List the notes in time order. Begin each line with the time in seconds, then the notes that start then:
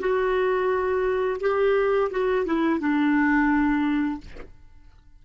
0.00 F#4
1.41 G4
2.11 F#4
2.46 E4
2.80 D4